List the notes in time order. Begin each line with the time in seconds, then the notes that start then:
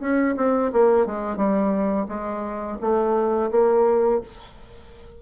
0.00 C#4
0.36 C4
0.72 A#3
1.06 G#3
1.36 G3
2.08 G#3
2.81 A3
3.51 A#3